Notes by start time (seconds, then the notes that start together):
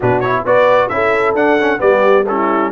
0.00 B2 D4 F#4 B4
0.20 E4 C#5
0.45 B3 F#4 B4 D5
0.89 C#4 E4 A4 E5
1.34 D4 F#5
1.61 C#4
1.78 G3 B3 G4 D5
2.27 C#4 E4 A4